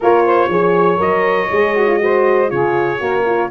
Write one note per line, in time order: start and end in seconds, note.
0.00 0.49 A#3
0.00 0.50 F4
0.00 0.25 A#4
0.00 1.00 C#5
0.25 0.50 C5
0.49 0.99 F3
0.49 0.97 G#4
0.49 2.01 C#5
0.97 1.49 F#3
0.97 1.47 A#4
0.97 2.50 D#5
1.51 2.51 G#3
1.51 1.75 G#4
1.75 1.87 F#4
1.87 1.98 F4
1.98 2.47 F#4
1.98 2.51 C5
2.47 3.00 C#3
2.47 2.97 F4
2.47 3.01 G#4
2.47 3.50 C#5
2.98 3.50 A#3
2.98 3.23 F#4
2.98 3.50 A#4
3.25 3.50 F4